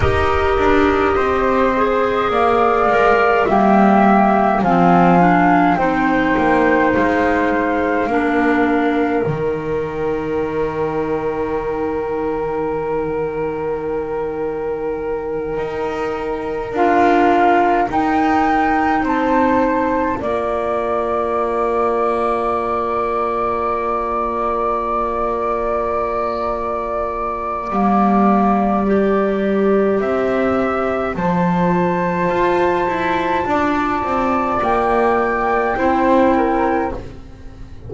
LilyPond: <<
  \new Staff \with { instrumentName = "flute" } { \time 4/4 \tempo 4 = 52 dis''2 f''4 g''4 | gis''4 g''4 f''2 | g''1~ | g''2~ g''8 f''4 g''8~ |
g''8 a''4 ais''2~ ais''8~ | ais''1~ | ais''2. a''4~ | a''2 g''2 | }
  \new Staff \with { instrumentName = "flute" } { \time 4/4 ais'4 c''4 d''4 e''4 | f''4 c''2 ais'4~ | ais'1~ | ais'1~ |
ais'8 c''4 d''2~ d''8~ | d''1~ | d''2 e''4 c''4~ | c''4 d''2 c''8 ais'8 | }
  \new Staff \with { instrumentName = "clarinet" } { \time 4/4 g'4. gis'4 ais'8 ais4 | c'8 d'8 dis'2 d'4 | dis'1~ | dis'2~ dis'8 f'4 dis'8~ |
dis'4. f'2~ f'8~ | f'1 | ais4 g'2 f'4~ | f'2. e'4 | }
  \new Staff \with { instrumentName = "double bass" } { \time 4/4 dis'8 d'8 c'4 ais8 gis8 g4 | f4 c'8 ais8 gis4 ais4 | dis1~ | dis4. dis'4 d'4 dis'8~ |
dis'8 c'4 ais2~ ais8~ | ais1 | g2 c'4 f4 | f'8 e'8 d'8 c'8 ais4 c'4 | }
>>